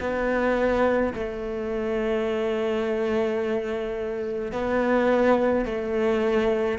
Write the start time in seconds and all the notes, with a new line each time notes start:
0.00 B3
1.14 A3
4.52 B3
5.66 A3